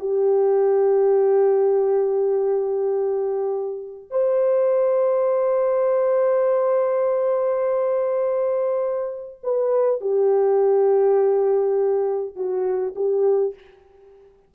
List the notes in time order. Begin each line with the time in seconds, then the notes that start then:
0.00 G4
4.10 C5
9.43 B4
10.01 G4
12.36 F#4
12.96 G4